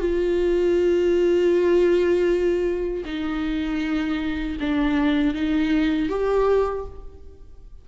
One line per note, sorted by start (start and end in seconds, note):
0.00 3.04 F4
3.05 4.57 D#4
4.60 5.34 D4
5.34 6.09 D#4
6.09 6.85 G4